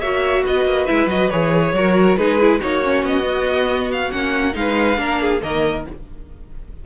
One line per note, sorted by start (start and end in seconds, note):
0.00 0.43 A#3
0.00 0.87 F#4
0.00 0.43 C#5
0.00 0.43 E5
0.44 0.64 B3
0.44 1.73 B4
0.44 0.86 D#5
0.64 0.86 A#3
0.86 1.06 G#3
0.86 1.08 E4
0.86 1.08 E5
1.06 1.28 F#3
1.06 1.29 F#4
1.06 1.30 D#5
1.30 1.73 E3
1.30 1.74 G#4
1.30 2.16 C#5
1.73 2.16 F#3
1.73 2.18 F#4
1.73 2.19 A#4
2.16 2.60 G#3
2.16 2.39 D#4
2.16 2.60 G#4
2.16 2.59 B4
2.39 2.60 E4
2.60 3.03 A#3
2.60 2.82 D#4
2.60 4.54 F#4
2.60 3.05 C#5
2.83 3.22 C#4
3.03 4.10 B3
3.03 3.91 D#5
3.22 4.08 B3
3.91 4.11 F5
4.11 4.55 A#3
4.11 4.52 C#4
4.11 4.54 F#5
4.52 4.97 G#3
4.52 4.95 D#4
4.52 5.41 F5
4.59 4.99 B4
4.96 5.41 A#3
4.96 5.39 D4
4.96 5.21 A#4
5.21 5.42 G#4
5.42 5.86 D#3
5.42 5.85 A#3
5.42 5.85 A#4
5.42 5.85 D#5